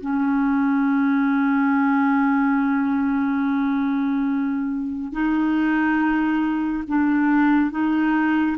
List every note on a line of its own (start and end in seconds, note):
0.00 5.12 C#4
5.12 6.83 D#4
6.87 7.71 D4
7.71 8.56 D#4